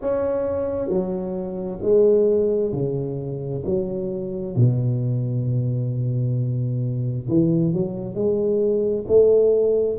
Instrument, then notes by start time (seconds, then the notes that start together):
tuba
0.01 C#4
0.88 F#3
1.81 G#3
2.72 C#3
3.65 F#3
4.55 B2
7.28 E3
7.73 F#3
8.14 G#3
9.07 A3